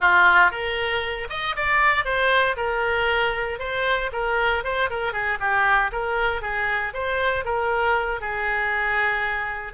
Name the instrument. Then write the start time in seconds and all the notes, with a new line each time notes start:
oboe
0.00 F4
0.51 A#4
1.29 D#5
1.55 D5
2.04 C5
2.56 A#4
3.59 C5
4.12 A#4
4.64 C5
4.90 A#4
5.13 G#4
5.39 G4
5.92 A#4
6.41 G#4
6.93 C5
7.44 A#4
8.21 G#4